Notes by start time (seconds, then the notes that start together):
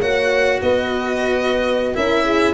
0.00 A#3 F#4 C#5 F#5
0.62 B3 B4 D#5
1.94 C#4 E4 A#4 E5
2.24 G#4